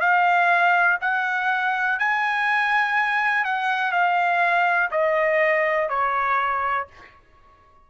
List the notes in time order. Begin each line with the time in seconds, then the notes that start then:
0.00 F5
1.01 F#5
1.99 G#5
3.45 F#5
3.92 F5
4.91 D#5
5.89 C#5